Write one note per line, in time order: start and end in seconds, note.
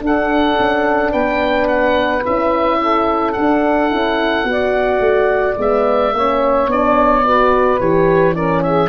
0.00 2.22 D4
0.00 0.56 D4
0.00 1.11 A4
0.06 1.12 F#5
0.59 1.13 C#4
1.11 2.25 B3
1.11 2.78 B4
1.11 1.68 G5
1.68 2.23 F#5
2.25 3.37 C#4
2.25 3.35 E4
2.25 3.32 E5
2.82 4.49 A4
3.32 3.89 D4
3.32 5.55 F#5
3.39 3.92 D4
3.89 4.44 C#4
3.89 4.44 E4
4.44 4.99 B3
4.44 5.56 F#4
4.50 6.15 D5
5.00 5.55 A3
5.57 6.12 G#3
5.57 6.14 B3
5.57 6.71 E5
6.13 6.67 A#3
6.13 6.68 C#4
6.13 7.26 C#5
6.67 7.78 B3
6.67 7.24 D4
6.67 7.80 D5
7.25 7.80 F#4
7.25 8.34 B4
7.80 8.89 E3
7.80 8.34 G4
7.80 8.35 C#5
8.34 8.89 C#4
8.34 8.62 A#4
8.34 8.62 D5
8.62 8.89 G#4
8.62 8.89 E5